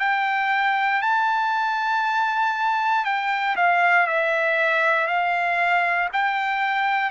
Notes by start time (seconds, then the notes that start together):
0.00 G5
1.02 A5
3.05 G5
3.56 F5
4.07 E5
5.08 F5
6.13 G5